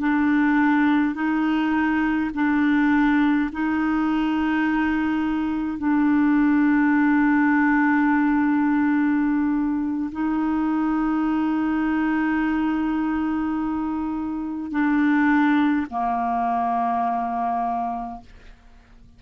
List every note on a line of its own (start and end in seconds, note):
0.00 1.15 D4
1.15 2.30 D#4
2.35 3.50 D4
3.52 5.78 D#4
5.78 10.11 D4
10.12 14.71 D#4
14.71 15.87 D4
15.90 18.21 A#3